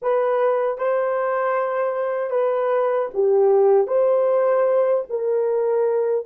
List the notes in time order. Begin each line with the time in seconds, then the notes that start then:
0.02 B4
0.78 C5
2.30 B4
3.13 G4
3.87 C5
5.09 A#4